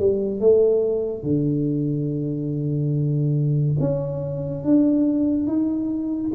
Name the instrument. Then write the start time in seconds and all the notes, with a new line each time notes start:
tuba
0.00 G3
0.41 A3
1.24 D3
3.80 C#4
4.64 D4
5.47 D#4